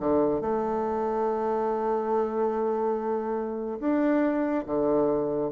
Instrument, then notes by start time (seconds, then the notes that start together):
bassoon
0.00 D3
0.41 A3
3.80 D4
4.67 D3